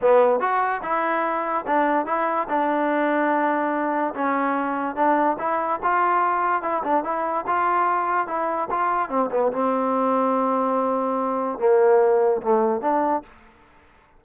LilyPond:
\new Staff \with { instrumentName = "trombone" } { \time 4/4 \tempo 4 = 145 b4 fis'4 e'2 | d'4 e'4 d'2~ | d'2 cis'2 | d'4 e'4 f'2 |
e'8 d'8 e'4 f'2 | e'4 f'4 c'8 b8 c'4~ | c'1 | ais2 a4 d'4 | }